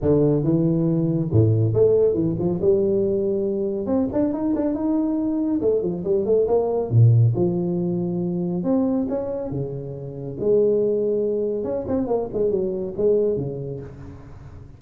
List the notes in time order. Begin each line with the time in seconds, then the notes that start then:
0.01 D3
0.43 E3
1.31 A2
1.73 A3
2.13 E3
2.38 F3
2.61 G3
3.86 C4
4.12 D4
4.33 D#4
4.55 D4
4.74 D#4
5.61 A3
5.82 F3
6.04 G3
6.25 A3
6.47 A#3
6.90 A#2
7.35 F3
8.63 C4
9.08 C#4
9.50 C#3
10.39 G#3
11.64 C#4
11.87 C4
12.07 A#3
12.33 G#3
12.50 F#3
12.97 G#3
13.37 C#3